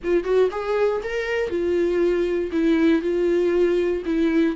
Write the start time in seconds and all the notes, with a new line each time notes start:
0.04 F4
0.24 F#4
0.51 G#4
1.03 A#4
1.49 F4
2.52 E4
3.02 F4
4.05 E4